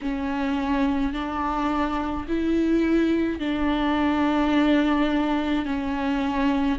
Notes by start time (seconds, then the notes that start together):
0.01 C#4
1.13 D4
2.27 E4
3.40 D4
5.65 C#4